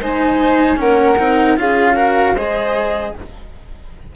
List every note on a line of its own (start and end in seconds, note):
0.00 0.78 G#3
0.00 0.77 D#4
0.00 0.78 C5
0.00 0.80 G#5
0.77 1.19 A#3
0.77 1.16 C#4
0.77 1.59 A#4
0.77 1.58 F#5
1.19 1.58 C4
1.19 1.57 D#4
1.57 2.35 C#4
1.57 1.96 F4
1.57 1.95 G#4
1.57 2.37 F5
1.95 2.35 F#4
1.95 2.34 A#4
2.35 3.13 G#3
2.35 3.16 G#4
2.35 3.13 C5
2.35 3.15 D#5